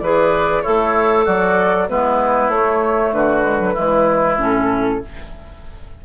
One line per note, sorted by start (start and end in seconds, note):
0.00 0.64 E3
0.00 0.64 G#4
0.00 0.63 B4
0.00 0.62 D5
0.63 1.27 A3
0.63 1.25 E4
0.63 1.89 A4
0.63 1.25 C#5
1.25 1.90 F#3
1.25 1.88 F#4
1.25 1.89 D5
1.89 2.49 G#3
1.89 2.52 B3
1.89 3.16 E4
1.89 2.51 B4
2.49 3.12 A3
2.49 3.43 A3
2.49 3.13 C#5
3.13 3.75 D3
3.13 3.74 F#4
3.13 4.39 B4
3.43 3.59 G#3
3.59 3.75 F#3
3.74 4.38 E3
3.74 4.39 G#3
3.74 4.99 E4
4.38 5.01 A2
4.38 5.01 C#4
4.38 5.05 A4